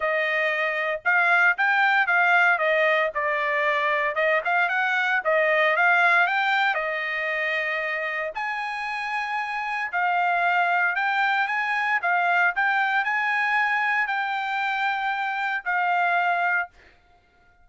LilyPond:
\new Staff \with { instrumentName = "trumpet" } { \time 4/4 \tempo 4 = 115 dis''2 f''4 g''4 | f''4 dis''4 d''2 | dis''8 f''8 fis''4 dis''4 f''4 | g''4 dis''2. |
gis''2. f''4~ | f''4 g''4 gis''4 f''4 | g''4 gis''2 g''4~ | g''2 f''2 | }